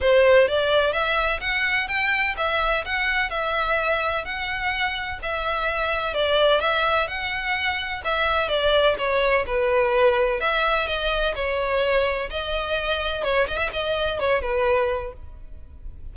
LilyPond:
\new Staff \with { instrumentName = "violin" } { \time 4/4 \tempo 4 = 127 c''4 d''4 e''4 fis''4 | g''4 e''4 fis''4 e''4~ | e''4 fis''2 e''4~ | e''4 d''4 e''4 fis''4~ |
fis''4 e''4 d''4 cis''4 | b'2 e''4 dis''4 | cis''2 dis''2 | cis''8 dis''16 e''16 dis''4 cis''8 b'4. | }